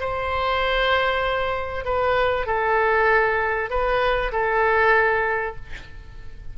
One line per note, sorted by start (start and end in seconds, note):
0.00 1.85 C5
1.85 2.46 B4
2.46 3.70 A4
3.70 4.32 B4
4.32 5.56 A4